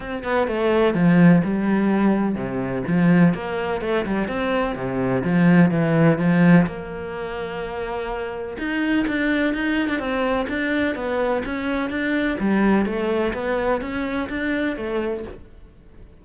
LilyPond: \new Staff \with { instrumentName = "cello" } { \time 4/4 \tempo 4 = 126 c'8 b8 a4 f4 g4~ | g4 c4 f4 ais4 | a8 g8 c'4 c4 f4 | e4 f4 ais2~ |
ais2 dis'4 d'4 | dis'8. d'16 c'4 d'4 b4 | cis'4 d'4 g4 a4 | b4 cis'4 d'4 a4 | }